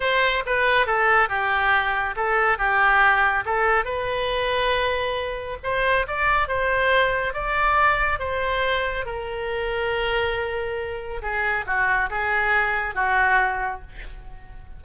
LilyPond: \new Staff \with { instrumentName = "oboe" } { \time 4/4 \tempo 4 = 139 c''4 b'4 a'4 g'4~ | g'4 a'4 g'2 | a'4 b'2.~ | b'4 c''4 d''4 c''4~ |
c''4 d''2 c''4~ | c''4 ais'2.~ | ais'2 gis'4 fis'4 | gis'2 fis'2 | }